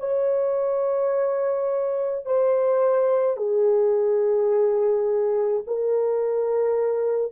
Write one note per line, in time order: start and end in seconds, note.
0.00 2.26 C#5
2.26 3.37 C5
3.37 5.63 G#4
5.67 7.32 A#4